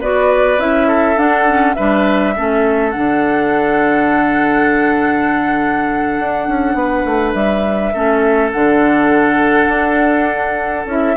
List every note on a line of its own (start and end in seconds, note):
0.00 0.58 B3
0.00 0.58 F#4
0.00 0.88 B4
0.00 0.60 D5
0.58 1.17 C#4
0.58 1.17 E4
0.58 1.18 E5
0.88 1.76 A4
1.17 1.75 D4
1.17 1.46 D4
1.17 1.74 F#5
1.47 1.76 C#4
1.74 2.37 G3
1.74 2.36 D4
1.74 2.34 B4
1.74 2.91 E5
2.36 2.96 A3
2.36 2.92 C#4
2.36 6.77 A4
2.91 6.19 D3
2.91 7.92 D4
2.91 7.32 F#5
6.19 6.48 D4
6.48 6.74 C#4
6.74 7.03 B3
6.74 7.93 B4
7.05 7.34 A3
7.32 7.93 G3
7.32 8.50 E5
7.93 8.53 A3
7.93 8.53 C#4
7.93 11.17 A4
8.51 9.67 D3
8.51 10.88 D4
8.51 10.87 F#5
9.67 10.85 D4
10.86 11.15 C#4
10.86 11.17 E4
10.86 11.17 E5